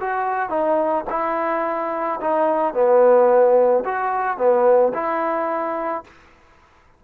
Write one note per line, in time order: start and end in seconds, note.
0.00 0.49 F#4
0.49 1.04 D#4
1.09 2.19 E4
2.20 2.73 D#4
2.73 3.84 B3
3.85 4.37 F#4
4.37 4.92 B3
4.93 6.04 E4